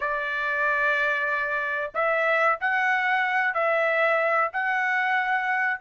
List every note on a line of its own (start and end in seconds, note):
0.00 1.91 D5
1.94 2.58 E5
2.60 3.54 F#5
3.54 4.50 E5
4.52 5.80 F#5